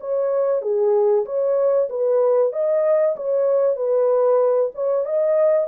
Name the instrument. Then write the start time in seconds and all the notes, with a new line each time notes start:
horn
0.00 C#5
0.62 G#4
1.25 C#5
1.89 B4
2.53 D#5
3.16 C#5
3.76 B4
4.74 C#5
5.05 D#5